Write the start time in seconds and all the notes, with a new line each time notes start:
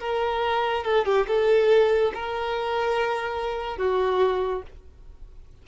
0.00 A#4
0.85 A4
1.06 G4
1.28 A4
2.15 A#4
3.78 F#4